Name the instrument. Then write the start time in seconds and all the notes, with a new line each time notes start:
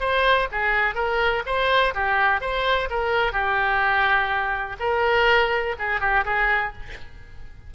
oboe
0.00 C5
0.51 G#4
0.95 A#4
1.46 C5
1.94 G4
2.41 C5
2.90 A#4
3.32 G4
4.80 A#4
5.79 G#4
6.00 G4
6.25 G#4